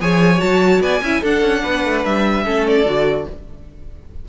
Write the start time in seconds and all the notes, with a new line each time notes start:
0.00 F3 G#4 C#5 G#5
0.38 F#3 F#4 A5
0.80 B3 D5 G#5
1.01 C#4 E4 E5
1.20 D4 A4 F#5
1.41 C#4
1.62 B3 B4
1.84 A3
2.05 G3 E5
2.44 A3 C#4 A4
2.67 D5
2.85 D3 F#4